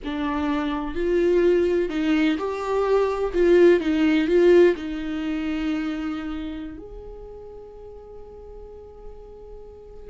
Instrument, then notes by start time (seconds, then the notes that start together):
viola
0.04 D4
0.95 F4
1.89 D#4
2.37 G4
3.33 F4
3.80 D#4
4.27 F4
4.76 D#4
6.77 G#4